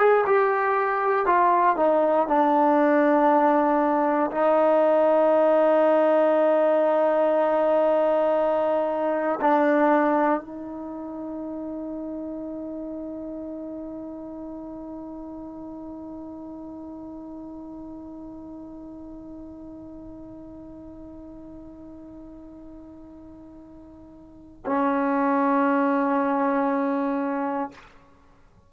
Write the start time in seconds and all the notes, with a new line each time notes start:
0.00 G#4
0.27 G4
1.27 F4
1.77 D#4
2.28 D4
4.32 D#4
9.42 D4
10.41 D#4
24.67 C#4